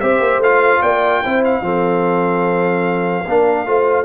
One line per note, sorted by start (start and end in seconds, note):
0.00 0.20 C4
0.00 0.43 G4
0.00 0.81 C5
0.00 0.41 E5
0.20 0.38 A#3
0.38 0.78 A3
0.38 1.24 F4
0.38 0.82 F5
0.81 1.23 A#3
0.81 1.22 D5
0.81 1.43 G5
1.23 1.61 C4
1.23 1.62 E4
1.23 1.64 C5
1.44 4.05 F5
1.61 3.23 F3
1.61 3.24 C4
1.61 3.25 A4
3.25 3.67 A#3
3.25 3.66 D4
3.25 3.65 A#4
3.66 4.05 A3
3.66 4.05 F4
3.66 4.05 C5